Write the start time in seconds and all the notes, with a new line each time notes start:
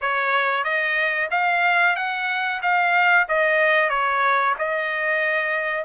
0.01 C#5
0.63 D#5
1.30 F5
1.96 F#5
2.61 F5
3.28 D#5
3.89 C#5
4.58 D#5